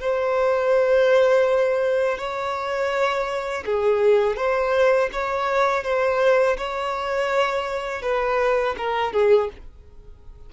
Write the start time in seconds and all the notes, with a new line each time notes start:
0.00 C5
2.18 C#5
3.66 G#4
4.36 C5
5.13 C#5
5.84 C5
6.57 C#5
8.02 B4
8.78 A#4
9.13 G#4